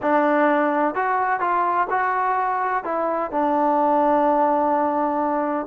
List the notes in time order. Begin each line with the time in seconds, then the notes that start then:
0.02 D4
0.94 F#4
1.39 F4
1.89 F#4
2.84 E4
3.31 D4